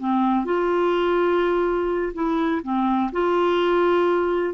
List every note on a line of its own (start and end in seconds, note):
0.00 0.45 C4
0.45 2.13 F4
2.14 2.62 E4
2.63 3.11 C4
3.12 4.54 F4